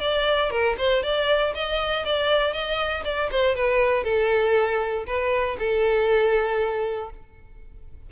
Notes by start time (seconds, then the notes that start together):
0.00 D5
0.51 A#4
0.77 C5
1.03 D5
1.54 D#5
2.05 D5
2.53 D#5
3.05 D5
3.31 C5
3.55 B4
4.04 A4
5.06 B4
5.59 A4